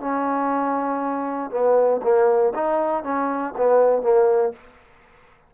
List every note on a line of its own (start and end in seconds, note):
0.00 1.51 C#4
1.51 2.01 B3
2.03 2.53 A#3
2.54 3.03 D#4
3.03 3.54 C#4
3.57 4.02 B3
4.02 4.52 A#3